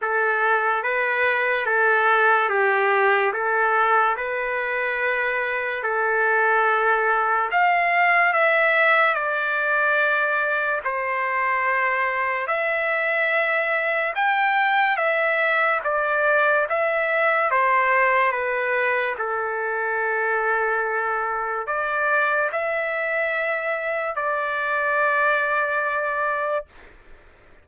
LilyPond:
\new Staff \with { instrumentName = "trumpet" } { \time 4/4 \tempo 4 = 72 a'4 b'4 a'4 g'4 | a'4 b'2 a'4~ | a'4 f''4 e''4 d''4~ | d''4 c''2 e''4~ |
e''4 g''4 e''4 d''4 | e''4 c''4 b'4 a'4~ | a'2 d''4 e''4~ | e''4 d''2. | }